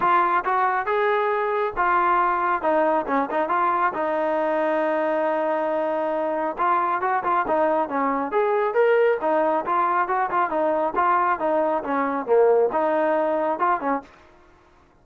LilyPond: \new Staff \with { instrumentName = "trombone" } { \time 4/4 \tempo 4 = 137 f'4 fis'4 gis'2 | f'2 dis'4 cis'8 dis'8 | f'4 dis'2.~ | dis'2. f'4 |
fis'8 f'8 dis'4 cis'4 gis'4 | ais'4 dis'4 f'4 fis'8 f'8 | dis'4 f'4 dis'4 cis'4 | ais4 dis'2 f'8 cis'8 | }